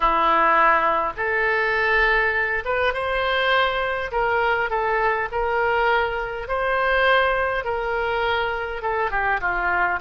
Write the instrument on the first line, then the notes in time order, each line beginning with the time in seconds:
oboe
0.00 E4
1.16 A4
2.64 B4
2.93 C5
4.11 A#4
4.70 A4
5.31 A#4
6.48 C5
7.64 A#4
8.82 A4
9.10 G4
9.41 F4